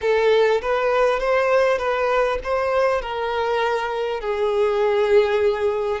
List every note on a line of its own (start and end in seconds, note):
0.01 0.61 A4
0.61 1.19 B4
1.19 1.78 C5
1.78 2.38 B4
2.43 3.01 C5
3.01 4.20 A#4
4.20 6.00 G#4